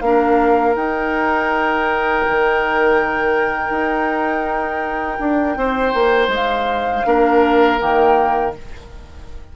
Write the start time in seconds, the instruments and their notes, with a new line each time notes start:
0.00 bassoon A#3, clarinet D4, oboe A#4, flute F5
0.75 clarinet D#4, bassoon D#4, flute G5
2.28 bassoon D#3
3.70 bassoon D#4
5.20 bassoon D4
5.56 bassoon C4, oboe C5
5.94 bassoon A#3
6.28 bassoon G#3
6.34 flute F5
7.05 bassoon A#3, clarinet D4, oboe A#4
7.79 bassoon D#3, clarinet A#3, flute G5